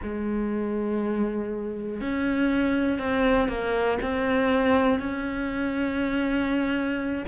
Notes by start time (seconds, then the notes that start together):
0.02 G#3
2.00 C#4
2.98 C4
3.48 A#3
4.02 C4
5.00 C#4